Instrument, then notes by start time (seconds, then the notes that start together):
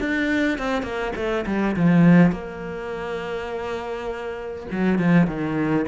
cello
0.00 D4
0.59 C4
0.83 A#3
1.16 A3
1.47 G3
1.76 F3
2.32 A#3
4.71 F#3
4.99 F3
5.27 D#3